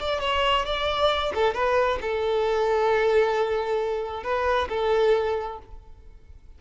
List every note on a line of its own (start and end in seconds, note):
0.00 0.21 D5
0.21 0.66 C#5
0.66 1.33 D5
1.35 1.55 A4
1.55 1.99 B4
2.02 4.24 A4
4.24 4.69 B4
4.69 5.59 A4